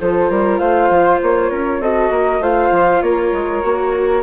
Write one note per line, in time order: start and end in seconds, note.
0.00 0.30 F3
0.00 1.82 F4
0.00 0.30 A4
0.00 0.58 C5
0.30 0.59 G3
0.30 0.59 A#4
0.58 0.90 A3
0.58 1.50 C5
0.58 1.19 F5
0.90 1.20 F3
1.22 1.51 A#3
1.22 1.82 C#5
1.50 1.79 C#4
1.50 1.80 A#4
1.79 2.10 C4
1.79 2.41 F#4
1.79 2.11 A4
1.79 2.43 D#5
2.10 2.39 A#3
2.10 2.41 A#4
2.39 2.70 A3
2.39 3.62 F4
2.39 3.02 C5
2.39 3.02 F5
2.71 3.01 F3
3.01 3.32 A#3
3.01 4.22 A#4
3.01 4.22 C#5
3.32 3.62 G#3
3.62 4.22 A#3
3.62 4.22 F#4